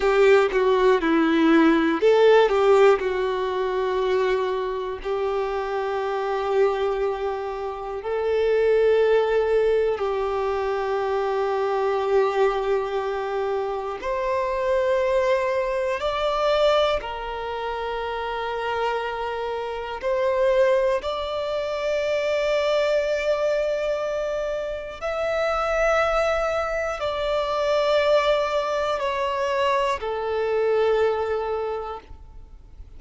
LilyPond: \new Staff \with { instrumentName = "violin" } { \time 4/4 \tempo 4 = 60 g'8 fis'8 e'4 a'8 g'8 fis'4~ | fis'4 g'2. | a'2 g'2~ | g'2 c''2 |
d''4 ais'2. | c''4 d''2.~ | d''4 e''2 d''4~ | d''4 cis''4 a'2 | }